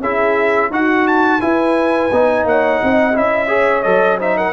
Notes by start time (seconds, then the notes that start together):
0.00 C#4 E4 G#4 E5
0.70 D#4 F#4 F#5
1.07 A5
1.41 E4 B4 G#5
2.12 B3 D#4
2.45 A#3 C#5 F#5
2.83 C4 D#5
3.13 C#4 E4 E5
3.48 G#4 C#5
3.83 F#3 A4 D#5
4.19 D#4 C5 E5
4.37 A#4 F#5